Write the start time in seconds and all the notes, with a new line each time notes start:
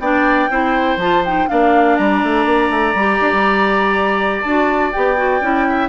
0.00 B3 D4 D5 G5
0.51 C4 E4 C5
0.97 F3 F4 A5
1.25 D#4 G5
1.49 A#3 D4 D5 F5
1.97 G3 A#5
2.23 A3
2.46 A#3
2.70 A3
2.95 G3 G4
3.21 D4
3.33 G3
4.42 D4 F#4 A5
4.92 B3 G4 G5
5.17 F#4
5.41 C#4 E4
5.69 E5